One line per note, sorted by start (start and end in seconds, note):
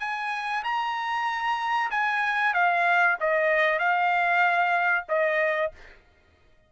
0.00 0.63 G#5
0.64 1.90 A#5
1.91 2.54 G#5
2.54 3.17 F5
3.20 3.79 D#5
3.79 5.05 F5
5.08 5.72 D#5